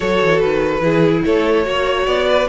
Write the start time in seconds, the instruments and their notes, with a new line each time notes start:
0.00 cello F#3, viola F#4, violin A4 C#5
0.21 cello E3
0.39 cello D#3, violin B4
0.80 cello E3, viola E4, violin G#4
1.25 cello A3, violin A4 C#5
1.64 cello A#3, viola F#4, violin C#5
2.06 cello B3, violin D5
2.27 violin B4